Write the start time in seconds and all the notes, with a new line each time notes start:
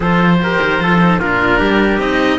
0.00 F3 F4 A4 C5
0.41 G4 A#4
0.62 D#3
0.79 F3 F4 A4
1.01 D#4
1.18 A#2 D4 F4 A#4
1.59 G3 G4
1.98 C4 D#4 D#5